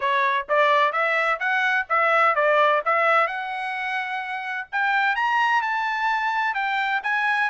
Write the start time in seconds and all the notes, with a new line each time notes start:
0.00 C#5
0.48 D5
0.92 E5
1.39 F#5
1.89 E5
2.35 D5
2.85 E5
3.27 F#5
4.72 G5
5.15 A#5
5.61 A5
6.54 G5
7.03 G#5